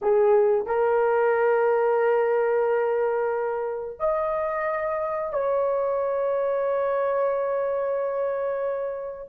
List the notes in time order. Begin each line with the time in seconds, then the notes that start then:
0.02 G#4
0.66 A#4
3.99 D#5
5.32 C#5